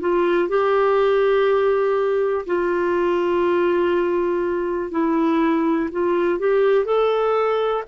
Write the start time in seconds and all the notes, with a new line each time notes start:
0.00 F4
0.49 G4
2.46 F4
4.91 E4
5.92 F4
6.39 G4
6.85 A4